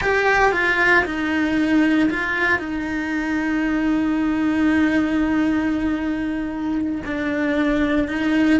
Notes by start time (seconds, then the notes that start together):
0.01 G4
0.52 F4
1.05 D#4
2.10 F4
2.58 D#4
7.05 D4
8.08 D#4